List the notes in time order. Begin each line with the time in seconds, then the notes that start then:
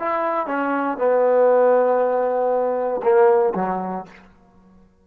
0.00 E4
0.47 C#4
0.98 B3
3.03 A#3
3.55 F#3